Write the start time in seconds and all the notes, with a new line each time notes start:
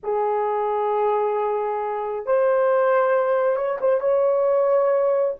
0.03 G#4
2.26 C5
3.56 C#5
3.80 C5
4.00 C#5